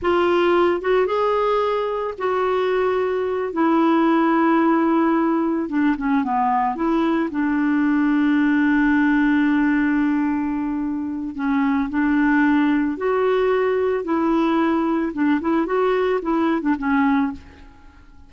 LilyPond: \new Staff \with { instrumentName = "clarinet" } { \time 4/4 \tempo 4 = 111 f'4. fis'8 gis'2 | fis'2~ fis'8 e'4.~ | e'2~ e'8 d'8 cis'8 b8~ | b8 e'4 d'2~ d'8~ |
d'1~ | d'4 cis'4 d'2 | fis'2 e'2 | d'8 e'8 fis'4 e'8. d'16 cis'4 | }